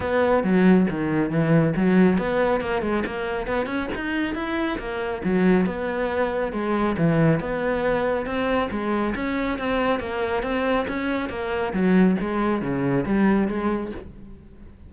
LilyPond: \new Staff \with { instrumentName = "cello" } { \time 4/4 \tempo 4 = 138 b4 fis4 dis4 e4 | fis4 b4 ais8 gis8 ais4 | b8 cis'8 dis'4 e'4 ais4 | fis4 b2 gis4 |
e4 b2 c'4 | gis4 cis'4 c'4 ais4 | c'4 cis'4 ais4 fis4 | gis4 cis4 g4 gis4 | }